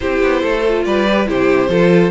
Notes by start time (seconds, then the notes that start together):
0.00 C4 E4 G4 C5
0.22 B3
0.41 A3 A4
0.68 F4
0.84 G3 B4 D5
1.07 G4
1.26 C3 E4 G4 C5
1.68 F3 F4 A4